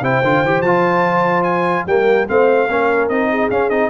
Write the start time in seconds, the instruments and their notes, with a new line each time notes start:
0.00 tuba C3, trombone E4, horn C5, trumpet G5
0.23 tuba D3, trombone F4
0.43 tuba E3, trombone G4
0.61 tuba F3, trombone F4, trumpet A5
1.43 trumpet G#5
1.86 tuba G3, trombone A#3, horn A#4, trumpet G5
2.27 tuba A3, trombone C4, horn C5, trumpet F5
2.69 tuba A#3, trombone C#4, horn A#4
3.09 tuba C4, trombone D#4, trumpet D#5
3.30 horn G#4
3.50 tuba C#4, trombone C#4, trumpet F5
3.69 tuba C4, trombone D#4, trumpet D#5